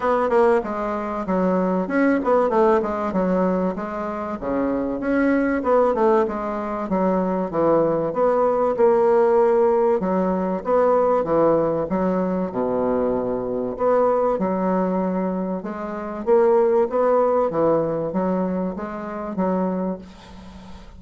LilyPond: \new Staff \with { instrumentName = "bassoon" } { \time 4/4 \tempo 4 = 96 b8 ais8 gis4 fis4 cis'8 b8 | a8 gis8 fis4 gis4 cis4 | cis'4 b8 a8 gis4 fis4 | e4 b4 ais2 |
fis4 b4 e4 fis4 | b,2 b4 fis4~ | fis4 gis4 ais4 b4 | e4 fis4 gis4 fis4 | }